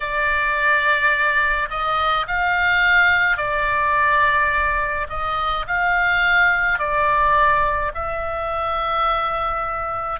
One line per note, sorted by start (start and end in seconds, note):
0.00 1.68 D5
1.70 2.26 D#5
2.27 3.37 F5
3.37 5.06 D5
5.09 5.66 D#5
5.67 6.78 F5
6.78 7.91 D5
7.94 10.20 E5